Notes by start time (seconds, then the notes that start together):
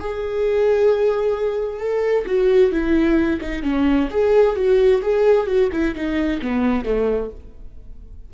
0.00 G#4
1.80 A4
2.26 F#4
2.72 E4
3.41 D#4
3.63 C#4
4.11 G#4
4.56 F#4
5.02 G#4
5.47 F#4
5.72 E4
5.95 D#4
6.42 B3
6.85 A3